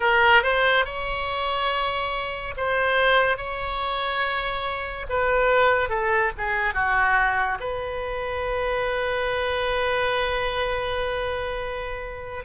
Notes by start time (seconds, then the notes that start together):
0.00 A#4
0.42 C5
0.85 C#5
2.57 C5
3.37 C#5
5.09 B4
5.89 A4
6.37 G#4
6.73 F#4
7.60 B4